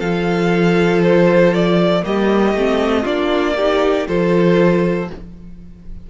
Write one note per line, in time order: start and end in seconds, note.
0.00 2.04 F3
0.00 2.02 F4
0.00 2.03 A4
0.00 1.02 F5
1.03 1.54 C5
1.54 2.05 D5
2.02 2.54 G3
2.02 2.53 A#3
2.02 3.03 G4
2.02 3.06 D#5
2.54 3.05 A3
2.54 3.06 C4
3.03 4.08 A#3
3.03 3.56 D4
3.03 3.54 F4
3.03 4.07 D5
3.56 4.07 D#4
3.56 4.07 G4
4.07 5.10 F3
4.07 5.09 F4
4.07 5.10 A4
4.07 5.10 C5